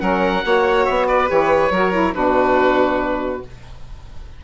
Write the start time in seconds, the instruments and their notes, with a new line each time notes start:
0.00 bassoon F#3, saxophone C#4, violin A#4, oboe F#5
0.44 bassoon A#3, saxophone F#4, violin C#5
0.85 bassoon B3, oboe E5
1.07 violin B4, oboe D5
1.27 bassoon E3, saxophone G4, oboe C#5
1.71 bassoon F#3, saxophone F#4, violin A#4
1.92 saxophone E4
2.13 bassoon B2, saxophone D4, violin F#4, oboe B4